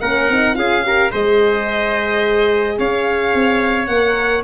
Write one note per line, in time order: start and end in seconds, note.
0.00 0.29 A#3
0.00 0.30 C#4
0.00 0.57 A#4
0.00 0.55 F#5
0.29 0.56 C4
0.29 0.54 D#4
0.54 1.12 C#4
0.54 0.82 F4
0.54 0.86 G#4
0.54 1.11 F5
0.83 1.11 G4
0.83 1.11 A#4
1.11 2.79 G#3
1.11 3.90 G#4
1.11 2.78 C5
1.11 2.78 D#5
2.78 3.34 C#4
2.78 4.44 C#5
2.78 3.87 F5
3.34 3.88 C4
3.87 4.43 A#3
3.87 4.44 A#4
3.87 4.42 F#5